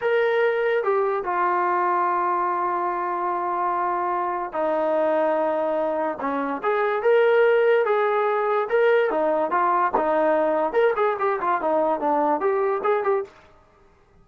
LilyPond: \new Staff \with { instrumentName = "trombone" } { \time 4/4 \tempo 4 = 145 ais'2 g'4 f'4~ | f'1~ | f'2. dis'4~ | dis'2. cis'4 |
gis'4 ais'2 gis'4~ | gis'4 ais'4 dis'4 f'4 | dis'2 ais'8 gis'8 g'8 f'8 | dis'4 d'4 g'4 gis'8 g'8 | }